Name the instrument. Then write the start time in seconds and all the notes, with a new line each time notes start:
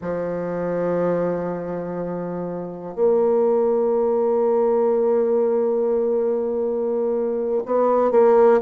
bassoon
0.01 F3
2.95 A#3
7.65 B3
8.11 A#3